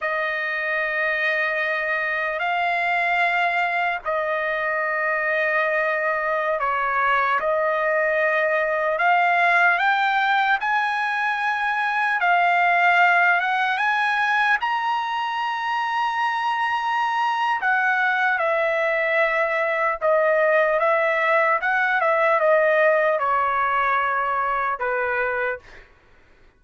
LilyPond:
\new Staff \with { instrumentName = "trumpet" } { \time 4/4 \tempo 4 = 75 dis''2. f''4~ | f''4 dis''2.~ | dis''16 cis''4 dis''2 f''8.~ | f''16 g''4 gis''2 f''8.~ |
f''8. fis''8 gis''4 ais''4.~ ais''16~ | ais''2 fis''4 e''4~ | e''4 dis''4 e''4 fis''8 e''8 | dis''4 cis''2 b'4 | }